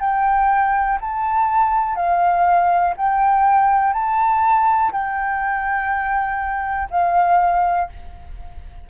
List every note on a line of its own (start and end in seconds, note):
0.00 0.98 G5
1.01 1.95 A5
1.95 2.94 F5
2.96 3.93 G5
3.93 4.91 A5
4.92 6.89 G5
6.90 7.89 F5